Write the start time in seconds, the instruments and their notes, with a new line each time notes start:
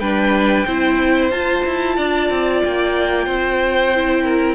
0.00 cello G3, viola D4, violin B4 G5
0.65 cello C4, viola E4, violin C5
1.31 cello F4, viola F4, violin A5
1.65 cello E4
1.96 cello D4, violin D5
2.30 cello C4
2.64 cello A#3, violin G5
3.25 cello C4, violin C5
3.95 viola E4
4.23 violin A#4